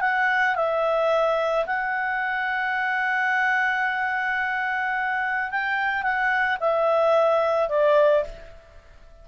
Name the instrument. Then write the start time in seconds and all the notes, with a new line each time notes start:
clarinet
0.00 F#5
0.55 E5
1.66 F#5
5.50 G5
6.02 F#5
6.60 E5
7.68 D5